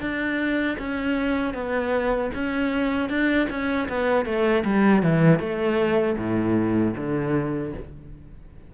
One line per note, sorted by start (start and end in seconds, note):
0.00 0.77 D4
0.78 1.53 C#4
1.53 2.30 B3
2.34 3.09 C#4
3.09 3.48 D4
3.50 3.88 C#4
3.88 4.25 B3
4.25 4.64 A3
4.64 5.02 G3
5.02 5.39 E3
5.39 6.16 A3
6.17 6.94 A2
6.96 7.73 D3